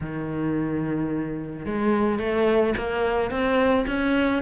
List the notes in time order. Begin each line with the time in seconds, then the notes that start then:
0.01 D#3
1.65 G#3
2.19 A3
2.77 A#3
3.30 C4
3.87 C#4